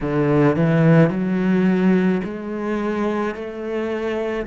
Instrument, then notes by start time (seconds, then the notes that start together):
cello
0.00 D3
0.56 E3
1.10 F#3
2.24 G#3
3.34 A3